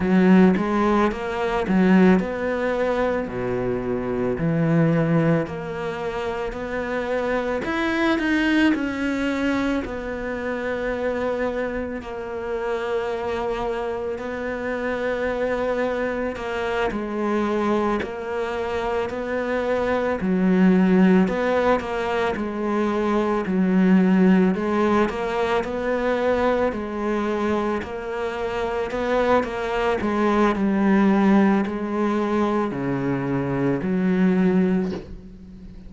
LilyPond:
\new Staff \with { instrumentName = "cello" } { \time 4/4 \tempo 4 = 55 fis8 gis8 ais8 fis8 b4 b,4 | e4 ais4 b4 e'8 dis'8 | cis'4 b2 ais4~ | ais4 b2 ais8 gis8~ |
gis8 ais4 b4 fis4 b8 | ais8 gis4 fis4 gis8 ais8 b8~ | b8 gis4 ais4 b8 ais8 gis8 | g4 gis4 cis4 fis4 | }